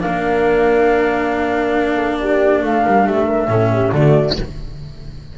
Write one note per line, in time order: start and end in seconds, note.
0.00 2.63 A#3
0.00 3.48 D4
0.00 1.95 A#4
0.00 2.19 F5
1.95 2.16 A4
2.19 2.62 G4
2.19 2.63 D5
2.62 2.85 A3
2.62 2.84 A4
2.62 3.07 F5
2.84 3.07 G3
2.84 3.05 A#4
3.05 3.48 A3
3.05 3.26 G4
3.05 3.93 E5
3.26 3.47 A#4
3.48 3.91 A2
3.48 3.93 C#4
3.48 3.72 A4
3.72 3.93 G4
3.92 4.36 D3
3.92 4.38 A3
3.92 4.36 F#4
3.92 4.38 D5